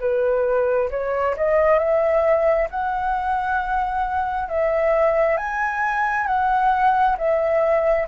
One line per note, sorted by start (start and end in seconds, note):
0.00 0.90 B4
0.91 1.36 C#5
1.37 1.79 D#5
1.79 2.69 E5
2.71 4.49 F#5
4.49 5.37 E5
5.37 6.27 G#5
6.27 7.16 F#5
7.18 8.08 E5